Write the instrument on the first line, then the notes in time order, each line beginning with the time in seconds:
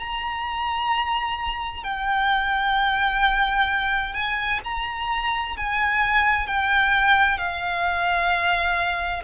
violin
0.00 A#5
1.84 G5
4.14 G#5
4.64 A#5
5.57 G#5
6.47 G5
7.38 F5